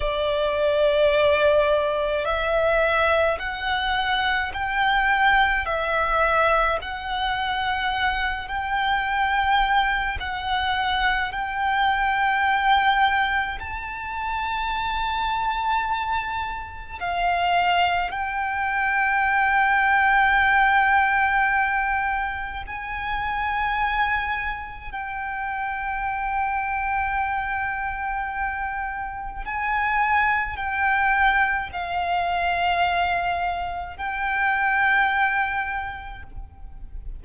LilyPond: \new Staff \with { instrumentName = "violin" } { \time 4/4 \tempo 4 = 53 d''2 e''4 fis''4 | g''4 e''4 fis''4. g''8~ | g''4 fis''4 g''2 | a''2. f''4 |
g''1 | gis''2 g''2~ | g''2 gis''4 g''4 | f''2 g''2 | }